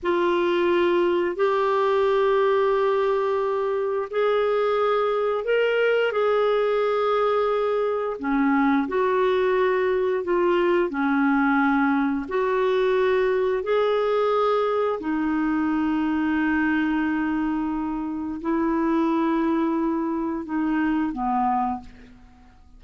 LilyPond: \new Staff \with { instrumentName = "clarinet" } { \time 4/4 \tempo 4 = 88 f'2 g'2~ | g'2 gis'2 | ais'4 gis'2. | cis'4 fis'2 f'4 |
cis'2 fis'2 | gis'2 dis'2~ | dis'2. e'4~ | e'2 dis'4 b4 | }